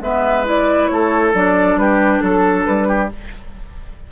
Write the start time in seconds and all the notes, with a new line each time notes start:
0.00 G#3 B3 B4 E5
0.44 E4 D5
0.87 A3 A4 C#5
1.33 F#3 D4 D5
1.76 G3 G4 B4
2.20 F#3 A4
2.65 G3 B4
2.88 G4